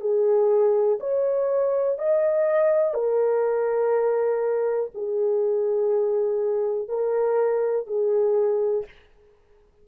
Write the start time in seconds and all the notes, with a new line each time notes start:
0.00 G#4
1.00 C#5
1.98 D#5
2.94 A#4
4.94 G#4
6.88 A#4
7.86 G#4